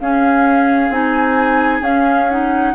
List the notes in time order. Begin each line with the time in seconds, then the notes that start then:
0.00 C#4 G#4 F5
0.89 C4 D#4 G#5
1.81 C#4 F5
2.30 D#4 F#5